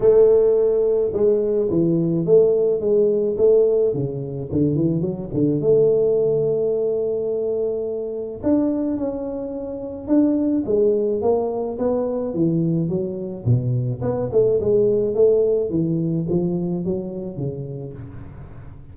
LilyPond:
\new Staff \with { instrumentName = "tuba" } { \time 4/4 \tempo 4 = 107 a2 gis4 e4 | a4 gis4 a4 cis4 | d8 e8 fis8 d8 a2~ | a2. d'4 |
cis'2 d'4 gis4 | ais4 b4 e4 fis4 | b,4 b8 a8 gis4 a4 | e4 f4 fis4 cis4 | }